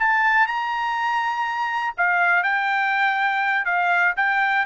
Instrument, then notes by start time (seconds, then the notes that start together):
trumpet
0.00 A5
0.47 A#5
1.97 F5
2.43 G5
3.65 F5
4.17 G5